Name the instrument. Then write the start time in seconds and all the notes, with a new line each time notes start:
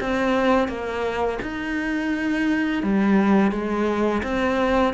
cello
0.00 C4
0.68 A#3
1.42 D#4
2.83 G3
3.51 G#3
4.23 C4